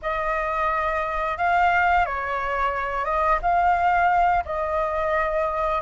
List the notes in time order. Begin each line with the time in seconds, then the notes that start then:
0.02 D#5
1.37 F5
2.05 C#5
3.04 D#5
3.42 F5
4.45 D#5